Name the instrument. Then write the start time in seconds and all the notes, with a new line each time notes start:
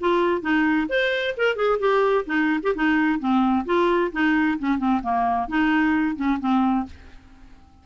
clarinet
0.00 F4
0.41 D#4
0.89 C5
1.37 A#4
1.56 G#4
1.79 G4
2.25 D#4
2.63 G4
2.75 D#4
3.19 C4
3.65 F4
4.12 D#4
4.58 C#4
4.78 C4
5.02 A#3
5.48 D#4
6.15 C#4
6.40 C4